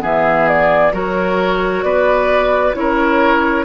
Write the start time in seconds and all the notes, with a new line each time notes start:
0.00 E3 B3 G#4 E5
0.48 D5
0.93 F#3 F#4 A#4 C#5
1.83 B3 B4 D5
2.74 C#4 E4 A#4 C#5